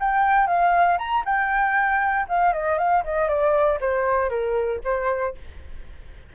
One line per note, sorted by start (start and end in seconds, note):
0.00 0.47 G5
0.47 0.98 F5
0.98 1.24 A#5
1.25 2.27 G5
2.29 2.53 F5
2.53 2.78 D#5
2.78 3.04 F5
3.04 3.28 D#5
3.28 3.79 D5
3.81 4.29 C5
4.29 4.80 A#4
4.84 5.35 C5